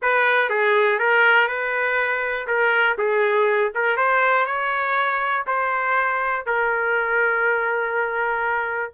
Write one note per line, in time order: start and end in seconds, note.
0.02 0.49 B4
0.49 0.99 G#4
0.99 1.47 A#4
1.47 2.47 B4
2.47 2.96 A#4
2.98 3.72 G#4
3.74 3.97 A#4
3.97 4.46 C5
4.46 5.45 C#5
5.46 6.46 C5
6.46 8.93 A#4